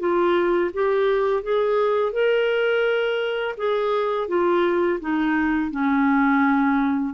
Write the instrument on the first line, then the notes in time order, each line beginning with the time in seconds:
clarinet
0.00 F4
0.74 G4
1.44 G#4
2.13 A#4
3.58 G#4
4.29 F4
5.01 D#4
5.71 C#4